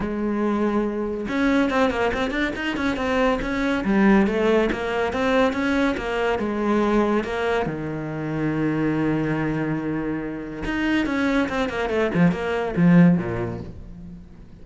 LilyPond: \new Staff \with { instrumentName = "cello" } { \time 4/4 \tempo 4 = 141 gis2. cis'4 | c'8 ais8 c'8 d'8 dis'8 cis'8 c'4 | cis'4 g4 a4 ais4 | c'4 cis'4 ais4 gis4~ |
gis4 ais4 dis2~ | dis1~ | dis4 dis'4 cis'4 c'8 ais8 | a8 f8 ais4 f4 ais,4 | }